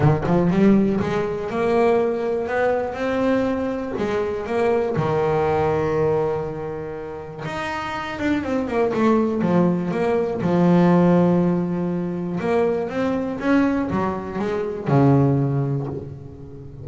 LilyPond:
\new Staff \with { instrumentName = "double bass" } { \time 4/4 \tempo 4 = 121 dis8 f8 g4 gis4 ais4~ | ais4 b4 c'2 | gis4 ais4 dis2~ | dis2. dis'4~ |
dis'8 d'8 c'8 ais8 a4 f4 | ais4 f2.~ | f4 ais4 c'4 cis'4 | fis4 gis4 cis2 | }